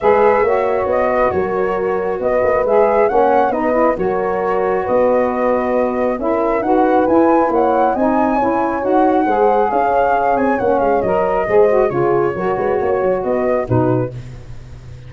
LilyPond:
<<
  \new Staff \with { instrumentName = "flute" } { \time 4/4 \tempo 4 = 136 e''2 dis''4 cis''4~ | cis''4 dis''4 e''4 fis''4 | dis''4 cis''2 dis''4~ | dis''2 e''4 fis''4 |
gis''4 fis''4 gis''2 | fis''2 f''4. gis''8 | fis''8 f''8 dis''2 cis''4~ | cis''2 dis''4 b'4 | }
  \new Staff \with { instrumentName = "horn" } { \time 4/4 b'4 cis''4. b'8 ais'4~ | ais'4 b'2 cis''4 | b'4 ais'2 b'4~ | b'2 ais'4 b'4~ |
b'4 cis''4 dis''4 cis''4~ | cis''4 c''4 cis''2~ | cis''2 c''4 gis'4 | ais'8 b'8 cis''4 b'4 fis'4 | }
  \new Staff \with { instrumentName = "saxophone" } { \time 4/4 gis'4 fis'2.~ | fis'2 gis'4 cis'4 | dis'8 e'8 fis'2.~ | fis'2 e'4 fis'4 |
e'2 dis'4 e'4 | fis'4 gis'2. | cis'4 ais'4 gis'8 fis'8 f'4 | fis'2. dis'4 | }
  \new Staff \with { instrumentName = "tuba" } { \time 4/4 gis4 ais4 b4 fis4~ | fis4 b8 ais8 gis4 ais4 | b4 fis2 b4~ | b2 cis'4 dis'4 |
e'4 ais4 c'4 cis'4 | dis'4 gis4 cis'4. c'8 | ais8 gis8 fis4 gis4 cis4 | fis8 gis8 ais8 fis8 b4 b,4 | }
>>